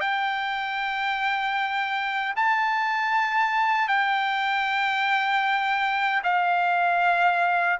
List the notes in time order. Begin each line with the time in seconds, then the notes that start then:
0.00 G5
2.36 A5
3.88 G5
6.23 F5